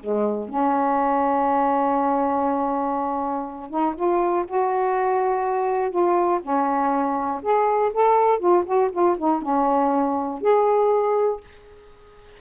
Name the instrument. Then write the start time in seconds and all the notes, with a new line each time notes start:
saxophone
0.00 G#3
0.49 C#4
3.70 D#4
3.96 F4
4.48 F#4
5.91 F4
6.43 C#4
7.43 G#4
7.94 A4
8.40 F4
8.66 F#4
8.93 F4
9.18 D#4
9.43 C#4
10.42 G#4